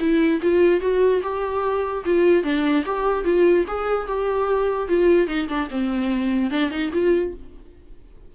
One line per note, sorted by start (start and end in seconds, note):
0.00 0.41 E4
0.42 0.81 F4
0.81 1.22 F#4
1.23 2.05 G4
2.05 2.44 F4
2.44 2.85 D4
2.86 3.24 G4
3.24 3.65 F4
3.68 4.07 G#4
4.07 4.88 G4
4.88 5.28 F4
5.28 5.48 D#4
5.48 5.69 D4
5.70 6.51 C4
6.51 6.71 D4
6.71 6.91 D#4
6.93 7.34 F4